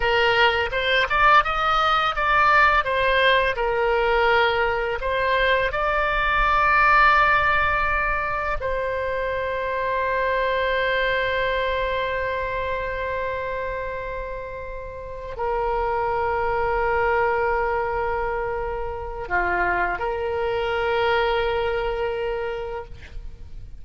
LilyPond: \new Staff \with { instrumentName = "oboe" } { \time 4/4 \tempo 4 = 84 ais'4 c''8 d''8 dis''4 d''4 | c''4 ais'2 c''4 | d''1 | c''1~ |
c''1~ | c''4. ais'2~ ais'8~ | ais'2. f'4 | ais'1 | }